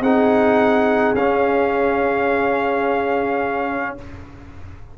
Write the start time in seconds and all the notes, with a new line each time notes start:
0.00 C4 D#4 G#4 F#5
1.14 C#4 F5